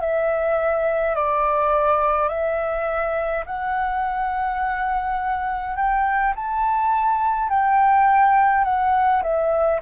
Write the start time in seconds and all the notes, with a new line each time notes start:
0.00 E5
1.15 D5
2.29 E5
3.46 F#5
5.76 G5
6.35 A5
7.49 G5
8.64 F#5
9.23 E5